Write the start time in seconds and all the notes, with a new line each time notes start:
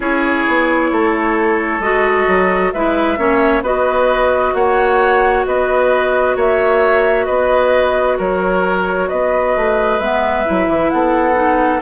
0.00 C#4 E4 G#4 C#5
0.48 B3
0.91 A3 A4
1.79 G#3 F#4 D#5
2.27 F#3
2.72 G#3 E4 B4 E5
3.17 A#3 C#4 C#5
3.62 B3 F#4 B4 D#5
4.53 A#3 C#5 F#5
5.45 B3 B4 D#5
6.36 A#3 C#5 E5
7.25 B3 B4 D#5
8.17 F#3 A#4 C#5
9.08 B3 B4 D#5
9.56 A3
9.99 G#3 B3 E5
10.45 F#3 E4
10.67 E3
10.90 B3 A4 F#5
11.34 D#4